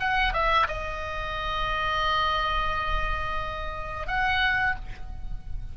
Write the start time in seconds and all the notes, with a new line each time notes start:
0.00 F#5
0.33 E5
0.68 D#5
4.07 F#5